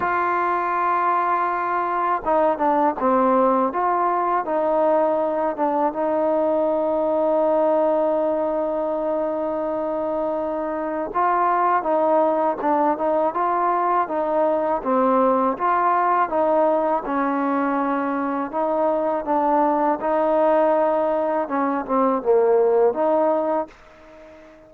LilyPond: \new Staff \with { instrumentName = "trombone" } { \time 4/4 \tempo 4 = 81 f'2. dis'8 d'8 | c'4 f'4 dis'4. d'8 | dis'1~ | dis'2. f'4 |
dis'4 d'8 dis'8 f'4 dis'4 | c'4 f'4 dis'4 cis'4~ | cis'4 dis'4 d'4 dis'4~ | dis'4 cis'8 c'8 ais4 dis'4 | }